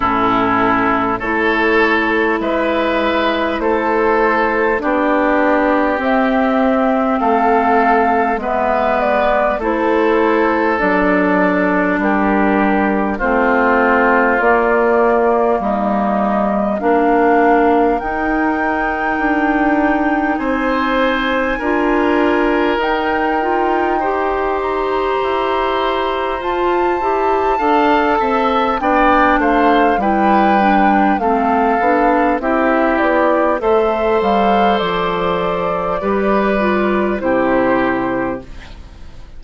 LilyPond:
<<
  \new Staff \with { instrumentName = "flute" } { \time 4/4 \tempo 4 = 50 a'4 cis''4 e''4 c''4 | d''4 e''4 f''4 e''8 d''8 | c''4 d''4 ais'4 c''4 | d''4 dis''4 f''4 g''4~ |
g''4 gis''2 g''4~ | g''8 ais''4. a''2 | g''8 f''8 g''4 f''4 e''8 d''8 | e''8 f''8 d''2 c''4 | }
  \new Staff \with { instrumentName = "oboe" } { \time 4/4 e'4 a'4 b'4 a'4 | g'2 a'4 b'4 | a'2 g'4 f'4~ | f'4 dis'4 ais'2~ |
ais'4 c''4 ais'2 | c''2. f''8 e''8 | d''8 c''8 b'4 a'4 g'4 | c''2 b'4 g'4 | }
  \new Staff \with { instrumentName = "clarinet" } { \time 4/4 cis'4 e'2. | d'4 c'2 b4 | e'4 d'2 c'4 | ais2 d'4 dis'4~ |
dis'2 f'4 dis'8 f'8 | g'2 f'8 g'8 a'4 | d'4 e'8 d'8 c'8 d'8 e'4 | a'2 g'8 f'8 e'4 | }
  \new Staff \with { instrumentName = "bassoon" } { \time 4/4 a,4 a4 gis4 a4 | b4 c'4 a4 gis4 | a4 fis4 g4 a4 | ais4 g4 ais4 dis'4 |
d'4 c'4 d'4 dis'4~ | dis'4 e'4 f'8 e'8 d'8 c'8 | b8 a8 g4 a8 b8 c'8 b8 | a8 g8 f4 g4 c4 | }
>>